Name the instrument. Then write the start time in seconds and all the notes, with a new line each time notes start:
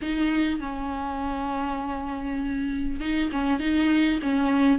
viola
0.01 D#4
0.60 C#4
2.99 D#4
3.31 C#4
3.59 D#4
4.22 C#4